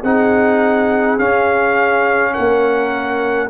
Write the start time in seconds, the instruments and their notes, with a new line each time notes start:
0.00 tuba C4, trombone D#4, horn G#4, trumpet F#5
1.18 trombone C#4, tuba C#4, trumpet F5
2.33 tuba A#3, horn A#4, trumpet F#5